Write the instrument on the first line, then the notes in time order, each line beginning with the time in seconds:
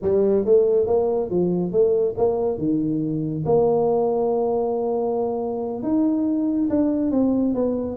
tuba
0.02 G3
0.45 A3
0.86 A#3
1.29 F3
1.72 A3
2.17 A#3
2.58 D#3
3.45 A#3
5.82 D#4
6.69 D4
7.11 C4
7.54 B3